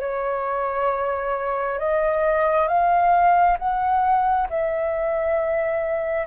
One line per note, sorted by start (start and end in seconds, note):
0.00 1.79 C#5
1.79 2.68 D#5
2.68 3.57 F5
3.59 4.48 F#5
4.49 6.27 E5